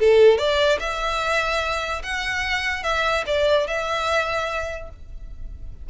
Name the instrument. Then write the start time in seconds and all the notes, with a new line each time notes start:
violin
0.00 A4
0.38 D5
0.80 E5
2.04 F#5
2.84 E5
3.27 D5
3.68 E5